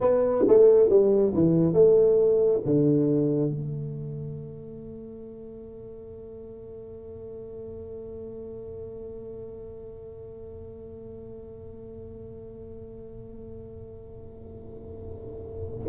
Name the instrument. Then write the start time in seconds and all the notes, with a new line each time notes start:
tuba
0.00 B3
0.48 A3
0.89 G3
1.34 E3
1.73 A3
2.65 D3
3.50 A3